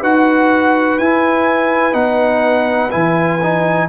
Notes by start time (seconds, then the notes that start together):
0.00 D#4 F#4 B4 F#5
0.98 E4 G#5
1.92 B3 D#4 F#5
2.90 E3 E4 G#5
3.42 D#4